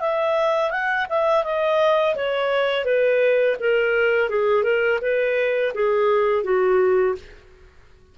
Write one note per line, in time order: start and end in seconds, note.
0.00 0.70 E5
0.70 1.06 F#5
1.09 1.44 E5
1.44 2.15 D#5
2.15 2.84 C#5
2.84 3.56 B4
3.59 4.29 A#4
4.29 4.63 G#4
4.63 4.99 A#4
5.01 5.72 B4
5.74 6.44 G#4
6.44 7.15 F#4